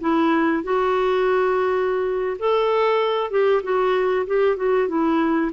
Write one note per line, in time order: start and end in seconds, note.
0.00 0.63 E4
0.63 2.37 F#4
2.39 3.31 A4
3.31 3.62 G4
3.63 4.26 F#4
4.27 4.56 G4
4.56 4.88 F#4
4.88 5.51 E4